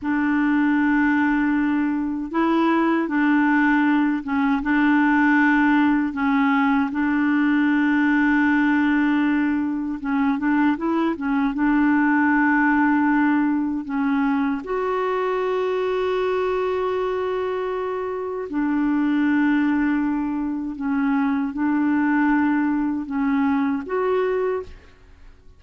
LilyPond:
\new Staff \with { instrumentName = "clarinet" } { \time 4/4 \tempo 4 = 78 d'2. e'4 | d'4. cis'8 d'2 | cis'4 d'2.~ | d'4 cis'8 d'8 e'8 cis'8 d'4~ |
d'2 cis'4 fis'4~ | fis'1 | d'2. cis'4 | d'2 cis'4 fis'4 | }